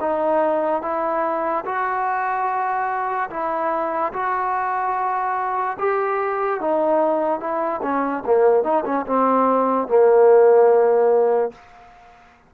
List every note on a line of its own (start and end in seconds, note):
0.00 0.82 D#4
0.82 1.64 E4
1.65 3.30 F#4
3.30 4.12 E4
4.12 5.77 F#4
5.79 6.60 G4
6.60 7.39 D#4
7.39 7.80 E4
7.82 8.23 C#4
8.25 8.63 A#3
8.63 8.84 D#4
8.85 9.06 C#4
9.06 9.87 C4
9.87 11.52 A#3